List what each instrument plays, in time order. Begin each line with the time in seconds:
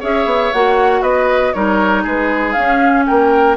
0.00 bassoon C#4, clarinet G#4, oboe C#5, flute E5
0.25 bassoon B3
0.53 bassoon A#3, clarinet F#4, flute F#5
1.02 bassoon B3, oboe B4, flute D#5
1.53 bassoon G3, clarinet D#4, oboe A#4, flute C#5
2.03 bassoon G#3, oboe G#4, flute B4
2.52 bassoon C#4, clarinet C#4, flute F5
3.06 bassoon A#3, oboe A#4, flute G5